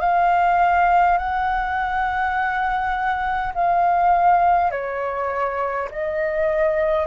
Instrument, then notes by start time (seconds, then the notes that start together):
flute
0.00 F5
1.18 F#5
3.55 F5
4.71 C#5
5.91 D#5